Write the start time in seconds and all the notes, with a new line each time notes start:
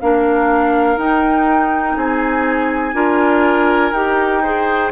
0.00 A#3 D4 A#4 F5
0.97 D#4 G5
1.96 C4 G#4 G#5
2.93 D4 F4 A#4
3.92 D#4 G4 G5
4.42 G#4 C5